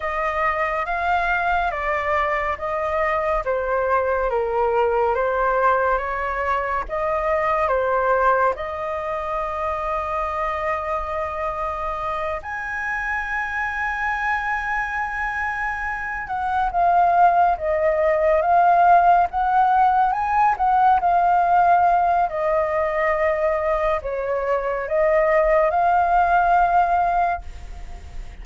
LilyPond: \new Staff \with { instrumentName = "flute" } { \time 4/4 \tempo 4 = 70 dis''4 f''4 d''4 dis''4 | c''4 ais'4 c''4 cis''4 | dis''4 c''4 dis''2~ | dis''2~ dis''8 gis''4.~ |
gis''2. fis''8 f''8~ | f''8 dis''4 f''4 fis''4 gis''8 | fis''8 f''4. dis''2 | cis''4 dis''4 f''2 | }